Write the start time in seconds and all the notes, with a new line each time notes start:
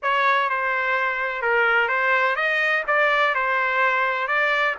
0.02 C#5
0.49 C5
1.42 A#4
1.88 C5
2.36 D#5
2.87 D5
3.35 C5
4.27 D5